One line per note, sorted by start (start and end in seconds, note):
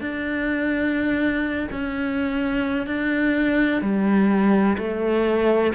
0.00 1.67 D4
1.71 2.86 C#4
2.86 3.81 D4
3.81 4.77 G3
4.77 5.73 A3